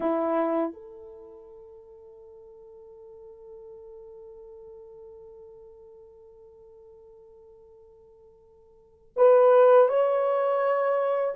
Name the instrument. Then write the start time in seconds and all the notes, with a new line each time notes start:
horn
0.00 E4
0.73 A4
9.16 B4
9.88 C#5